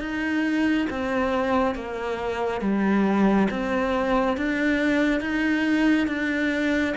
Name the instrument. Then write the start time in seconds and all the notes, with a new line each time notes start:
cello
0.00 D#4
0.90 C4
1.75 A#3
2.61 G3
3.50 C4
4.37 D4
5.20 D#4
6.07 D4